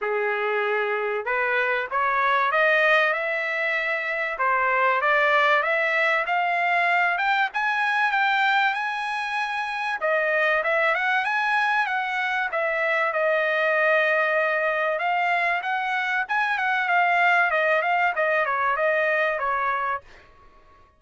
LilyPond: \new Staff \with { instrumentName = "trumpet" } { \time 4/4 \tempo 4 = 96 gis'2 b'4 cis''4 | dis''4 e''2 c''4 | d''4 e''4 f''4. g''8 | gis''4 g''4 gis''2 |
dis''4 e''8 fis''8 gis''4 fis''4 | e''4 dis''2. | f''4 fis''4 gis''8 fis''8 f''4 | dis''8 f''8 dis''8 cis''8 dis''4 cis''4 | }